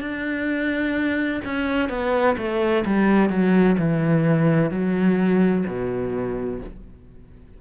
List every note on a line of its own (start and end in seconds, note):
0.00 1.41 D4
1.44 1.89 C#4
1.89 2.36 B3
2.37 2.84 A3
2.85 3.29 G3
3.29 3.76 F#3
3.78 4.70 E3
4.70 5.64 F#3
5.67 6.61 B2